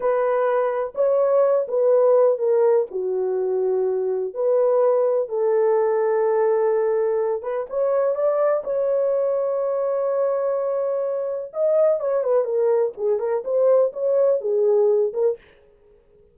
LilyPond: \new Staff \with { instrumentName = "horn" } { \time 4/4 \tempo 4 = 125 b'2 cis''4. b'8~ | b'4 ais'4 fis'2~ | fis'4 b'2 a'4~ | a'2.~ a'8 b'8 |
cis''4 d''4 cis''2~ | cis''1 | dis''4 cis''8 b'8 ais'4 gis'8 ais'8 | c''4 cis''4 gis'4. ais'8 | }